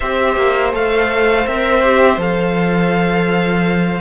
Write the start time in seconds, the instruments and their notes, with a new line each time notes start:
0.00 cello C4, viola G4, violin C5 E5
0.36 cello A#3
0.73 cello A3, viola A4, violin F5
1.46 cello C4, viola A#4, violin E5
1.81 viola G4
2.17 cello F3, viola A4, violin F5